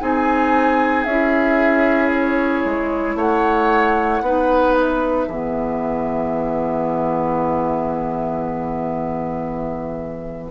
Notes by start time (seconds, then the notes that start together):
0.00 C4 D#4 G#4 G#5
1.04 C#4 E4 E5
2.13 C#5
2.64 G#3
3.15 A3 C#5 F#5
4.21 B3 D#4 B4
4.74 E5
5.27 E3 B3 G#4